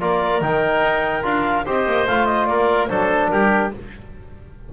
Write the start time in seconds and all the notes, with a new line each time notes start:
0.00 A#3 F4 A#4 D5
0.41 D#3 D#4 G5
0.82 D#4
1.22 D4 F4 F5
1.65 C4 G4 C5 D#5
1.86 A#3
2.07 A3 F4 F5
2.25 D#5
2.46 A#3 A#4 D5
2.87 F#3 D4 A4 C5
3.29 G3 G4 A#4